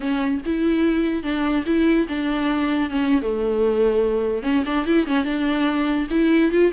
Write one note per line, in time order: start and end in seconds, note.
0.00 0.41 C#4
0.45 1.23 E4
1.23 1.64 D4
1.66 2.07 E4
2.08 2.90 D4
2.90 3.21 C#4
3.21 4.42 A3
4.42 4.63 C#4
4.65 4.86 D4
4.86 5.07 E4
5.07 5.24 C#4
5.24 6.07 D4
6.10 6.51 E4
6.51 6.72 F4